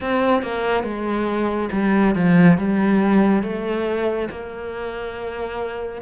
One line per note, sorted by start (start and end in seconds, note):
0.00 0.42 C4
0.42 0.83 A#3
0.83 1.69 G#3
1.72 2.15 G3
2.15 2.57 F3
2.57 3.42 G3
3.42 4.28 A3
4.30 6.01 A#3